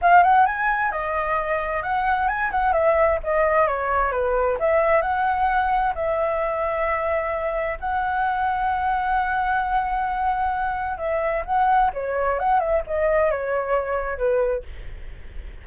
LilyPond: \new Staff \with { instrumentName = "flute" } { \time 4/4 \tempo 4 = 131 f''8 fis''8 gis''4 dis''2 | fis''4 gis''8 fis''8 e''4 dis''4 | cis''4 b'4 e''4 fis''4~ | fis''4 e''2.~ |
e''4 fis''2.~ | fis''1 | e''4 fis''4 cis''4 fis''8 e''8 | dis''4 cis''2 b'4 | }